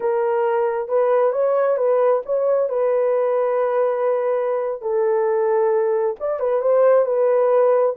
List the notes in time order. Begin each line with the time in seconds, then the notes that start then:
0.00 A#4
0.88 B4
1.32 C#5
1.77 B4
2.25 C#5
2.69 B4
4.81 A4
6.19 D5
6.39 B4
6.61 C5
7.05 B4